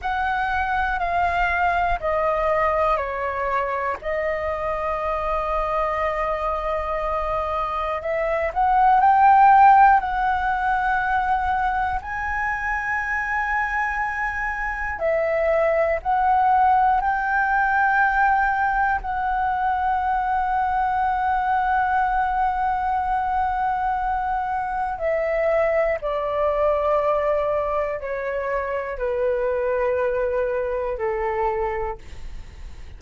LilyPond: \new Staff \with { instrumentName = "flute" } { \time 4/4 \tempo 4 = 60 fis''4 f''4 dis''4 cis''4 | dis''1 | e''8 fis''8 g''4 fis''2 | gis''2. e''4 |
fis''4 g''2 fis''4~ | fis''1~ | fis''4 e''4 d''2 | cis''4 b'2 a'4 | }